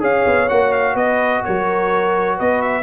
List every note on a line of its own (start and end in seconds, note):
0.00 0.25 C#4
0.00 0.47 G#4
0.00 0.93 C#5
0.00 0.49 F5
0.26 0.49 B3
0.49 0.94 A#3
0.49 2.83 F#4
0.49 0.72 F#5
0.72 0.96 F5
0.93 1.42 B3
0.93 1.41 B4
0.93 1.43 D#5
1.44 2.40 F#3
1.44 2.37 A#4
1.44 2.39 C#5
2.37 2.83 B3
2.37 2.83 B4
2.37 2.62 D#5
2.62 2.83 E5